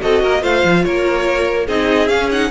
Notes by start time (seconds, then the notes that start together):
0.00 C4 F#4 A4 D#5
0.22 A#3 A#4
0.40 A3 F4 C5 F5
0.64 F3
0.84 A#3 A#4 C#5
1.66 C4 D#4 G#4 D#5
2.08 C#4 F5
2.31 D#4 F#5